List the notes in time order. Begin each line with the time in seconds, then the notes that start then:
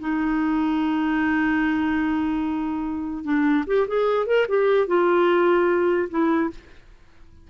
0.00 D#4
3.24 D4
3.67 G4
3.88 G#4
4.27 A#4
4.49 G4
4.87 F4
6.10 E4